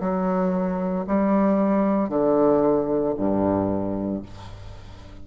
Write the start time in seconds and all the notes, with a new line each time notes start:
0.00 F#3
1.07 G3
2.09 D3
3.17 G2